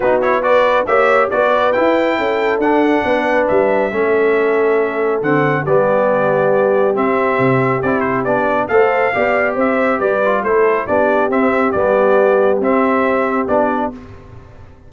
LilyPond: <<
  \new Staff \with { instrumentName = "trumpet" } { \time 4/4 \tempo 4 = 138 b'8 cis''8 d''4 e''4 d''4 | g''2 fis''2 | e''1 | fis''4 d''2. |
e''2 d''8 c''8 d''4 | f''2 e''4 d''4 | c''4 d''4 e''4 d''4~ | d''4 e''2 d''4 | }
  \new Staff \with { instrumentName = "horn" } { \time 4/4 fis'4 b'4 cis''4 b'4~ | b'4 a'2 b'4~ | b'4 a'2.~ | a'4 g'2.~ |
g'1 | c''4 d''4 c''4 b'4 | a'4 g'2.~ | g'1 | }
  \new Staff \with { instrumentName = "trombone" } { \time 4/4 dis'8 e'8 fis'4 g'4 fis'4 | e'2 d'2~ | d'4 cis'2. | c'4 b2. |
c'2 e'4 d'4 | a'4 g'2~ g'8 f'8 | e'4 d'4 c'4 b4~ | b4 c'2 d'4 | }
  \new Staff \with { instrumentName = "tuba" } { \time 4/4 b2 ais4 b4 | e'4 cis'4 d'4 b4 | g4 a2. | d4 g2. |
c'4 c4 c'4 b4 | a4 b4 c'4 g4 | a4 b4 c'4 g4~ | g4 c'2 b4 | }
>>